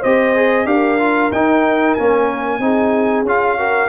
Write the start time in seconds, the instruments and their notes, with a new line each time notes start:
0.00 tuba C4, trombone G4, horn C5, trumpet D#5
0.36 trombone G#4
0.65 tuba D4, trombone G4, horn A#4, trumpet F5
0.99 trombone F4
1.31 tuba D#4, trombone D#4, trumpet G5
1.94 tuba A#3, trombone C#4, trumpet G#5
2.59 tuba C4, trombone D#4, horn G#4
3.23 tuba C#4, trombone F4, trumpet F5
3.58 trombone F#4, horn A#4